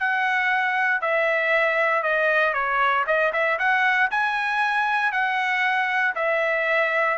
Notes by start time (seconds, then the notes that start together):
0.00 F#5
1.01 E5
2.03 D#5
2.54 C#5
3.07 D#5
3.33 E5
3.59 F#5
4.11 G#5
5.12 F#5
6.15 E5